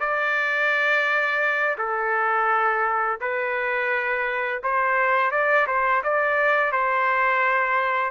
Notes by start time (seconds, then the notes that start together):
0.00 D5
1.78 A4
3.21 B4
4.63 C5
5.31 D5
5.68 C5
6.04 D5
6.72 C5